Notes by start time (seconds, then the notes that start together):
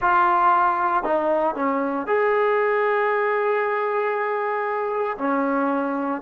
0.00 F4
1.03 D#4
1.55 C#4
2.06 G#4
5.18 C#4